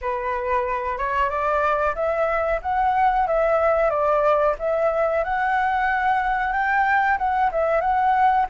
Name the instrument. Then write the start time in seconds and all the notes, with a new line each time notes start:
flute
0.01 B4
0.98 C#5
1.29 D5
1.95 E5
2.62 F#5
3.27 E5
3.90 D5
4.58 E5
5.24 F#5
6.52 G5
7.17 F#5
7.51 E5
7.81 F#5